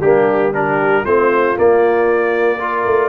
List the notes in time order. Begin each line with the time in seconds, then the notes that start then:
0.00 G3 A#3 D4 G4
0.53 D4 G4 A#4
1.03 A3 C4 F4 C5
1.55 A#3 D5
2.59 F4 A#4
2.86 A3